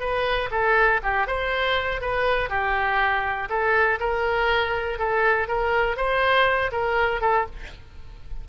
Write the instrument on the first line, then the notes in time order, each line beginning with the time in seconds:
oboe
0.00 B4
0.51 A4
1.03 G4
1.27 C5
2.01 B4
2.50 G4
3.50 A4
4.00 A#4
4.99 A4
5.48 A#4
5.97 C5
6.72 A#4
7.21 A4